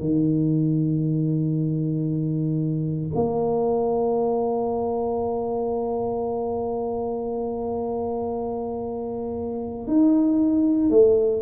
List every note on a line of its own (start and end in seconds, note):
0.00 3.10 D#3
3.15 9.87 A#3
9.87 10.90 D#4
10.90 11.42 A3